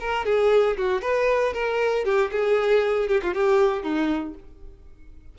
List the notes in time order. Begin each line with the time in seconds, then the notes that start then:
0.00 A#4
0.25 G#4
0.77 F#4
1.01 B4
1.54 A#4
2.05 G4
2.31 G#4
3.08 G4
3.22 F4
3.34 G4
3.83 D#4